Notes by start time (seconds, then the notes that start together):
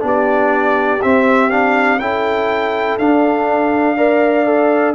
0.00 B3 D4 G4
0.08 D5
1.02 C4 E5
1.51 D4 F5
2.00 C#4 E4 A4 G5
2.99 D4 F5
3.98 A#4 D5
4.46 A4